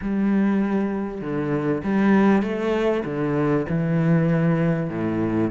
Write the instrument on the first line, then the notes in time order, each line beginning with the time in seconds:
cello
0.01 G3
1.21 D3
1.83 G3
2.42 A3
3.04 D3
3.68 E3
4.89 A2